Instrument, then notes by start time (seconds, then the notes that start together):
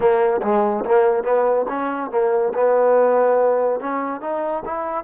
trombone
0.00 A#3
0.42 G#3
0.85 A#3
1.23 B3
1.68 C#4
2.10 A#3
2.54 B3
3.80 C#4
4.20 D#4
4.65 E4